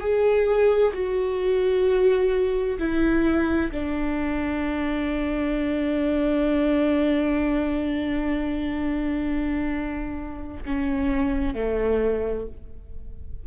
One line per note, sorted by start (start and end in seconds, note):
0.00 0.92 G#4
0.93 2.78 F#4
2.79 3.71 E4
3.71 10.63 D4
10.65 11.54 C#4
11.54 12.46 A3